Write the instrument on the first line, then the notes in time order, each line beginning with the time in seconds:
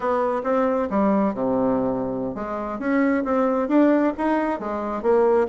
bassoon
0.00 B3
0.43 C4
0.90 G3
1.34 C3
2.34 G#3
2.79 C#4
3.24 C4
3.68 D4
4.17 D#4
4.59 G#3
5.02 A#3